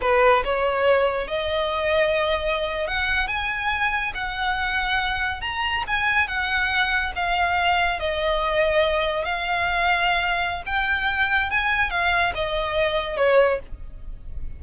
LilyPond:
\new Staff \with { instrumentName = "violin" } { \time 4/4 \tempo 4 = 141 b'4 cis''2 dis''4~ | dis''2~ dis''8. fis''4 gis''16~ | gis''4.~ gis''16 fis''2~ fis''16~ | fis''8. ais''4 gis''4 fis''4~ fis''16~ |
fis''8. f''2 dis''4~ dis''16~ | dis''4.~ dis''16 f''2~ f''16~ | f''4 g''2 gis''4 | f''4 dis''2 cis''4 | }